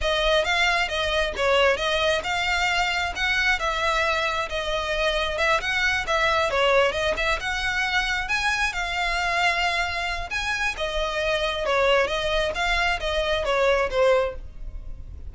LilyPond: \new Staff \with { instrumentName = "violin" } { \time 4/4 \tempo 4 = 134 dis''4 f''4 dis''4 cis''4 | dis''4 f''2 fis''4 | e''2 dis''2 | e''8 fis''4 e''4 cis''4 dis''8 |
e''8 fis''2 gis''4 f''8~ | f''2. gis''4 | dis''2 cis''4 dis''4 | f''4 dis''4 cis''4 c''4 | }